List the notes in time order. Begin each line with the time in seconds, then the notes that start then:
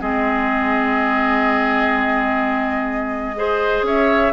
0.00 G#3 C4 G#4 D#5
3.36 G#4 C5
3.82 C#4 C#5 E5